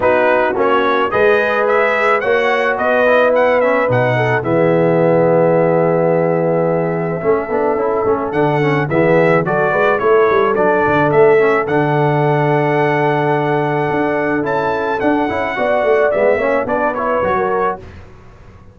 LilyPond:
<<
  \new Staff \with { instrumentName = "trumpet" } { \time 4/4 \tempo 4 = 108 b'4 cis''4 dis''4 e''4 | fis''4 dis''4 fis''8 e''8 fis''4 | e''1~ | e''2. fis''4 |
e''4 d''4 cis''4 d''4 | e''4 fis''2.~ | fis''2 a''4 fis''4~ | fis''4 e''4 d''8 cis''4. | }
  \new Staff \with { instrumentName = "horn" } { \time 4/4 fis'2 b'2 | cis''4 b'2~ b'8 a'8 | gis'1~ | gis'4 a'2. |
gis'4 a'8 b'8 a'2~ | a'1~ | a'1 | d''4. cis''8 b'4~ b'16 ais'8. | }
  \new Staff \with { instrumentName = "trombone" } { \time 4/4 dis'4 cis'4 gis'2 | fis'4. e'4 cis'8 dis'4 | b1~ | b4 cis'8 d'8 e'8 cis'8 d'8 cis'8 |
b4 fis'4 e'4 d'4~ | d'8 cis'8 d'2.~ | d'2 e'4 d'8 e'8 | fis'4 b8 cis'8 d'8 e'8 fis'4 | }
  \new Staff \with { instrumentName = "tuba" } { \time 4/4 b4 ais4 gis2 | ais4 b2 b,4 | e1~ | e4 a8 b8 cis'8 a8 d4 |
e4 fis8 gis8 a8 g8 fis8 d8 | a4 d2.~ | d4 d'4 cis'4 d'8 cis'8 | b8 a8 gis8 ais8 b4 fis4 | }
>>